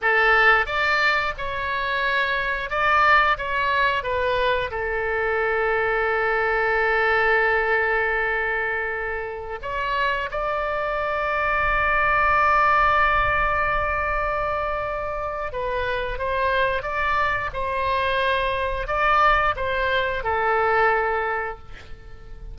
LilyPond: \new Staff \with { instrumentName = "oboe" } { \time 4/4 \tempo 4 = 89 a'4 d''4 cis''2 | d''4 cis''4 b'4 a'4~ | a'1~ | a'2~ a'16 cis''4 d''8.~ |
d''1~ | d''2. b'4 | c''4 d''4 c''2 | d''4 c''4 a'2 | }